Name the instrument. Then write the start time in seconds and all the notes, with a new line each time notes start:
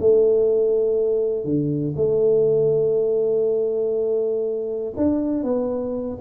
tuba
0.00 A3
1.45 D3
1.96 A3
4.97 D4
5.43 B3